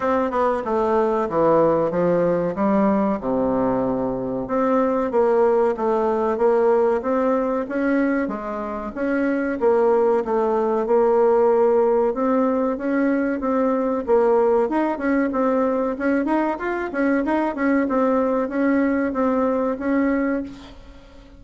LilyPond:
\new Staff \with { instrumentName = "bassoon" } { \time 4/4 \tempo 4 = 94 c'8 b8 a4 e4 f4 | g4 c2 c'4 | ais4 a4 ais4 c'4 | cis'4 gis4 cis'4 ais4 |
a4 ais2 c'4 | cis'4 c'4 ais4 dis'8 cis'8 | c'4 cis'8 dis'8 f'8 cis'8 dis'8 cis'8 | c'4 cis'4 c'4 cis'4 | }